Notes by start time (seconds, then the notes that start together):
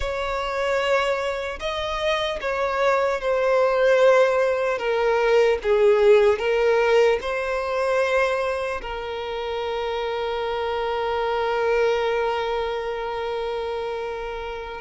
0.00 C#5
1.59 D#5
2.40 C#5
3.20 C5
4.78 A#4
5.63 G#4
6.39 A#4
7.21 C5
8.81 A#4